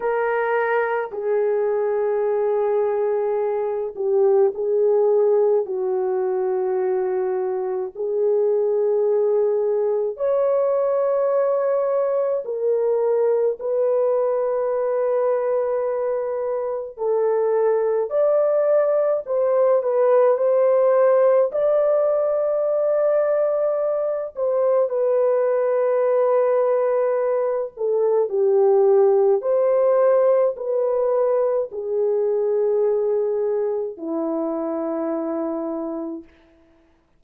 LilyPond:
\new Staff \with { instrumentName = "horn" } { \time 4/4 \tempo 4 = 53 ais'4 gis'2~ gis'8 g'8 | gis'4 fis'2 gis'4~ | gis'4 cis''2 ais'4 | b'2. a'4 |
d''4 c''8 b'8 c''4 d''4~ | d''4. c''8 b'2~ | b'8 a'8 g'4 c''4 b'4 | gis'2 e'2 | }